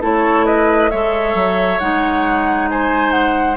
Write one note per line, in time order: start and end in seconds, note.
0.00 0.91 A3
0.00 0.90 E4
0.00 0.45 A4
0.00 0.46 C#5
0.46 0.90 B4
0.46 0.90 D#5
0.90 1.34 G#3
0.90 1.80 A4
0.90 2.69 C#5
0.90 1.79 E5
1.34 1.79 F#3
1.79 3.56 G#3
1.79 3.56 D#4
1.79 2.68 F#5
2.70 3.56 C5
2.70 3.11 G#5
3.11 3.56 F#5